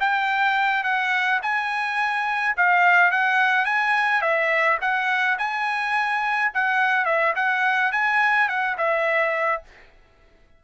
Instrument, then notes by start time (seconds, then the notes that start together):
trumpet
0.00 G5
0.84 F#5
1.43 G#5
2.57 F5
3.11 F#5
3.65 G#5
4.21 E5
4.81 F#5
5.39 G#5
6.54 F#5
7.05 E5
7.36 F#5
7.92 G#5
8.48 F#5
8.78 E5